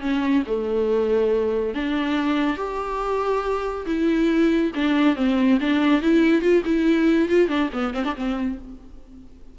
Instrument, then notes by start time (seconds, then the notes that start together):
viola
0.00 C#4
0.46 A3
1.74 D4
2.57 G4
3.86 E4
4.74 D4
5.15 C4
5.60 D4
6.01 E4
6.41 F4
6.64 E4
7.29 F4
7.48 D4
7.73 B3
7.94 C4
8.04 D4
8.15 C4